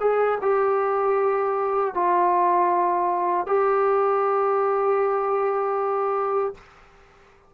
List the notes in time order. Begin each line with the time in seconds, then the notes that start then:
0.00 G#4
0.41 G4
1.94 F4
3.47 G4